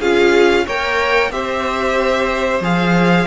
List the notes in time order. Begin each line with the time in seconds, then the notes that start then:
0.00 C#4 F4 G#4 F5
0.66 A#3 A#4 C#5 G5
1.31 C4 G4 C5 E5
2.60 F3 G#4 F5